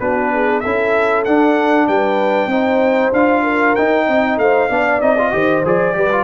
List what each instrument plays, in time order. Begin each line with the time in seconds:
0.00 tuba B3, trombone D4, horn F#4, trumpet B4
0.33 horn G#4
0.60 tuba C#4, trombone E4, horn A4, trumpet E5
1.25 tuba D4, trombone D4, trumpet F#5
1.88 tuba G3, horn B4, trumpet G5
2.47 tuba C4, trombone D#4, horn C5
3.13 tuba D4, trombone F4, trumpet F5
3.43 horn A#4
3.76 trombone D#4, tuba D#4, trumpet G5
4.06 tuba C4, horn D#5
4.38 tuba A3, horn C5, trumpet F5
4.70 tuba B3, trombone D4, horn D5
5.01 tuba C4, trombone D#4, trumpet D#5
5.18 trombone F4
5.32 tuba D#3, trombone G4, horn C5
5.65 tuba F3, trombone G#4, trumpet D5
5.95 tuba G3, trombone G4, horn B4
6.12 trombone F4